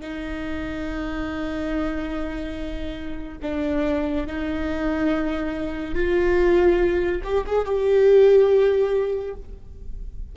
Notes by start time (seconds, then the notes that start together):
0.00 D#4
3.42 D4
4.26 D#4
5.94 F4
7.23 G4
7.46 G#4
7.65 G4